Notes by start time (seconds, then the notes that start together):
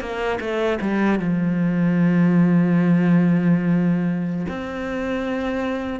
0.00 A#3
0.40 A3
0.81 G3
1.19 F3
4.48 C4